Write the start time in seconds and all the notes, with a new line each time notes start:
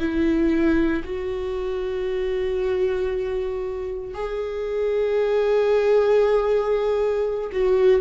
0.00 E4
1.05 F#4
4.14 G#4
7.52 F#4